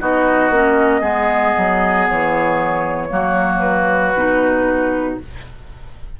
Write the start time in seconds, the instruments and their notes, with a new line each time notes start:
0.00 bassoon B3, clarinet D#4, oboe F#4, flute D#5
0.50 bassoon A#3, clarinet C#4
1.00 bassoon G#3, clarinet B3, oboe G#4
1.57 bassoon F#3
2.08 bassoon E3, flute C#5
3.09 bassoon F#3, clarinet A#3, oboe F#4
3.59 flute B4
4.14 bassoon B2, clarinet D#4